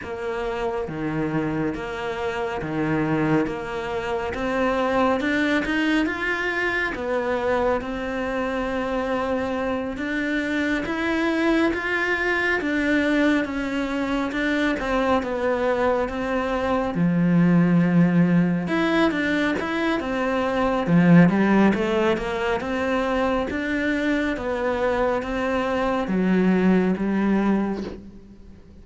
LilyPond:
\new Staff \with { instrumentName = "cello" } { \time 4/4 \tempo 4 = 69 ais4 dis4 ais4 dis4 | ais4 c'4 d'8 dis'8 f'4 | b4 c'2~ c'8 d'8~ | d'8 e'4 f'4 d'4 cis'8~ |
cis'8 d'8 c'8 b4 c'4 f8~ | f4. e'8 d'8 e'8 c'4 | f8 g8 a8 ais8 c'4 d'4 | b4 c'4 fis4 g4 | }